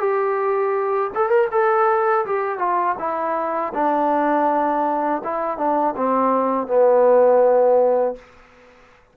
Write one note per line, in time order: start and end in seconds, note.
0.00 1.11 G4
1.15 1.29 A4
1.29 1.48 A#4
1.51 2.25 A4
2.26 2.59 G4
2.59 2.96 F4
2.99 3.73 E4
3.74 5.22 D4
5.24 5.58 E4
5.58 5.95 D4
5.97 6.67 C4
6.67 8.15 B3